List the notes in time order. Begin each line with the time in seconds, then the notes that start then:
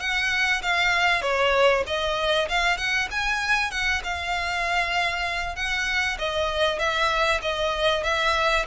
0.00 F#5
0.62 F5
1.22 C#5
1.87 D#5
2.49 F5
2.78 F#5
3.11 G#5
3.71 F#5
4.04 F5
5.56 F#5
6.19 D#5
6.79 E5
7.42 D#5
8.04 E5